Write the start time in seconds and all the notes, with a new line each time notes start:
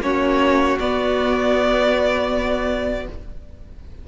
0.00 A#3 C#4 F#4 C#5
0.79 B3 D5